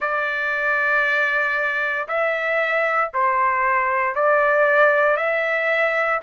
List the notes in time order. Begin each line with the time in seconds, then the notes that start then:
0.00 D5
2.07 E5
3.13 C5
4.15 D5
5.17 E5